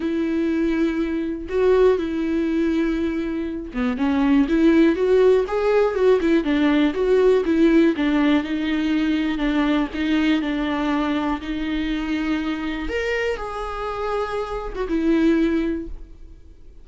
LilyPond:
\new Staff \with { instrumentName = "viola" } { \time 4/4 \tempo 4 = 121 e'2. fis'4 | e'2.~ e'8 b8 | cis'4 e'4 fis'4 gis'4 | fis'8 e'8 d'4 fis'4 e'4 |
d'4 dis'2 d'4 | dis'4 d'2 dis'4~ | dis'2 ais'4 gis'4~ | gis'4.~ gis'16 fis'16 e'2 | }